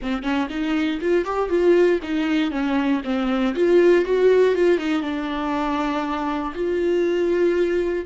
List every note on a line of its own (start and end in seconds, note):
0.01 0.22 C4
0.22 0.48 C#4
0.49 0.99 D#4
1.01 1.25 F4
1.25 1.49 G4
1.49 2.00 F4
2.03 2.51 D#4
2.51 3.01 C#4
3.04 3.54 C4
3.55 4.05 F4
4.05 4.54 F#4
4.54 4.77 F4
4.77 5.02 D#4
5.02 6.53 D4
6.54 8.05 F4